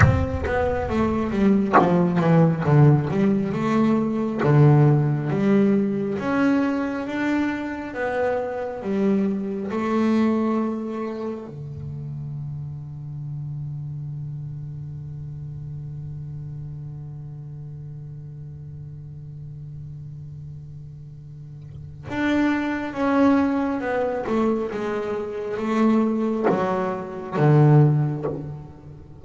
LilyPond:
\new Staff \with { instrumentName = "double bass" } { \time 4/4 \tempo 4 = 68 c'8 b8 a8 g8 f8 e8 d8 g8 | a4 d4 g4 cis'4 | d'4 b4 g4 a4~ | a4 d2.~ |
d1~ | d1~ | d4 d'4 cis'4 b8 a8 | gis4 a4 fis4 d4 | }